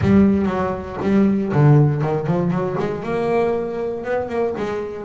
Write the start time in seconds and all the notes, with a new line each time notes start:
0.01 G3
0.46 F#3
1.02 G3
1.52 D3
2.01 D#3
2.26 F3
2.50 F#3
2.78 G#3
3.03 A#3
4.03 B3
4.28 A#3
4.57 G#3